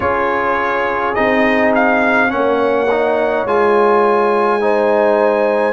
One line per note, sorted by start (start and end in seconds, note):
0.00 1.15 C#4
0.00 1.15 F4
0.00 2.30 G#4
0.00 1.14 C#5
1.14 2.32 C4
1.14 2.29 D#4
1.14 1.72 D#5
1.75 2.31 F5
2.29 3.45 A#3
2.29 2.86 C#4
2.29 4.62 C#5
2.29 3.46 F#5
2.90 3.47 D#4
3.45 5.73 G#3
3.45 4.60 F4
3.45 5.73 G#5
4.60 5.73 D#4
4.60 5.73 C5